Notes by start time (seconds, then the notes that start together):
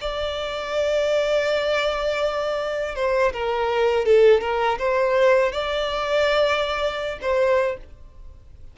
0.00 D5
2.95 C5
3.33 A#4
4.05 A4
4.41 A#4
4.78 C5
5.52 D5
7.21 C5